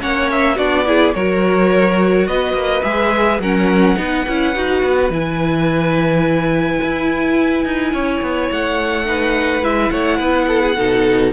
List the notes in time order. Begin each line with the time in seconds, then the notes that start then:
0.00 A#3 C#4 C#5 F#5
0.31 E5
0.55 B3 D4 F#4 D5
0.86 E4 G#4
1.14 F#3 F#4 A#4 C#5
2.27 B3 B4 D#5
2.53 A#3
2.83 G#3 G#4 E5
3.39 F#3 C#4 A#4 F#5
3.96 B3 D#4 B4
4.28 C#4 E4
4.54 D#4 F#4
4.83 B3
5.10 E3 E4 G#5
6.83 E4
7.65 D#4
7.93 C#4 C#5
8.22 B3
8.51 A3 F#5
9.06 D#4 B4
9.62 G#3 E4 E5
9.91 A3 C#5 F#5
10.17 B3 B4
10.48 A4
10.62 G#4
10.76 B2 D#4 A4